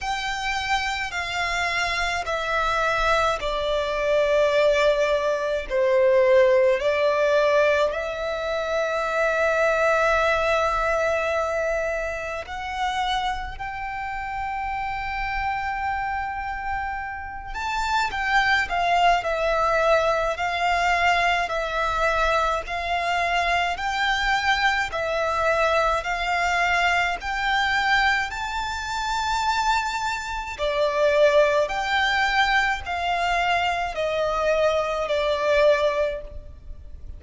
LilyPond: \new Staff \with { instrumentName = "violin" } { \time 4/4 \tempo 4 = 53 g''4 f''4 e''4 d''4~ | d''4 c''4 d''4 e''4~ | e''2. fis''4 | g''2.~ g''8 a''8 |
g''8 f''8 e''4 f''4 e''4 | f''4 g''4 e''4 f''4 | g''4 a''2 d''4 | g''4 f''4 dis''4 d''4 | }